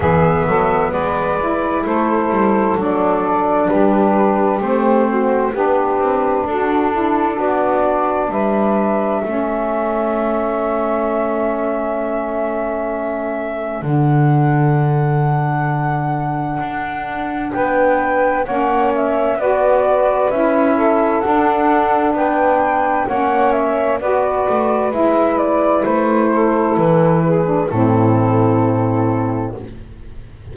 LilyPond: <<
  \new Staff \with { instrumentName = "flute" } { \time 4/4 \tempo 4 = 65 e''4 d''4 c''4 d''4 | b'4 c''4 b'4 a'4 | d''4 e''2.~ | e''2. fis''4~ |
fis''2. g''4 | fis''8 e''8 d''4 e''4 fis''4 | g''4 fis''8 e''8 d''4 e''8 d''8 | c''4 b'4 a'2 | }
  \new Staff \with { instrumentName = "saxophone" } { \time 4/4 gis'8 a'8 b'4 a'2 | g'4. fis'8 g'4 fis'8 e'8 | fis'4 b'4 a'2~ | a'1~ |
a'2. b'4 | cis''4 b'4. a'4. | b'4 cis''4 b'2~ | b'8 a'4 gis'8 e'2 | }
  \new Staff \with { instrumentName = "saxophone" } { \time 4/4 b4. e'4. d'4~ | d'4 c'4 d'2~ | d'2 cis'2~ | cis'2. d'4~ |
d'1 | cis'4 fis'4 e'4 d'4~ | d'4 cis'4 fis'4 e'4~ | e'4.~ e'16 d'16 c'2 | }
  \new Staff \with { instrumentName = "double bass" } { \time 4/4 e8 fis8 gis4 a8 g8 fis4 | g4 a4 b8 c'8 d'4 | b4 g4 a2~ | a2. d4~ |
d2 d'4 b4 | ais4 b4 cis'4 d'4 | b4 ais4 b8 a8 gis4 | a4 e4 a,2 | }
>>